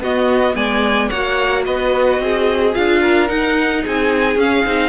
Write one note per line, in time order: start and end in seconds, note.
0.00 0.55 B3
0.00 1.13 B3
0.00 0.56 F#4
0.00 0.56 D#5
0.56 1.11 G#3
0.56 1.09 D5
0.56 1.09 G#5
1.09 1.67 A#3
1.09 2.74 F#4
1.09 1.64 C#5
1.09 1.64 F#5
1.66 2.20 B3
1.66 2.21 B4
1.66 2.74 D#5
2.20 2.74 C4
2.20 3.02 G#4
2.74 3.30 D4
2.74 3.28 F4
2.74 3.29 F5
3.02 3.83 A#4
3.28 4.37 D#4
3.28 3.85 D#4
3.28 3.83 F#5
3.83 4.36 C4
3.83 4.89 G#4
3.83 4.40 G#5
4.36 4.64 C#4
4.36 4.66 C#4
4.36 4.89 F5
4.66 4.89 C4
4.66 4.89 D#4